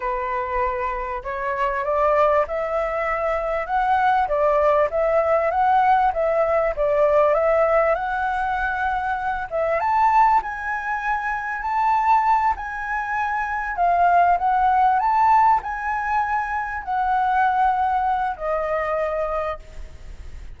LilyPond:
\new Staff \with { instrumentName = "flute" } { \time 4/4 \tempo 4 = 98 b'2 cis''4 d''4 | e''2 fis''4 d''4 | e''4 fis''4 e''4 d''4 | e''4 fis''2~ fis''8 e''8 |
a''4 gis''2 a''4~ | a''8 gis''2 f''4 fis''8~ | fis''8 a''4 gis''2 fis''8~ | fis''2 dis''2 | }